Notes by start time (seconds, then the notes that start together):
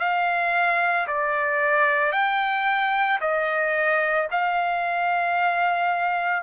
0.00 F5
1.08 D5
2.12 G5
3.21 D#5
4.31 F5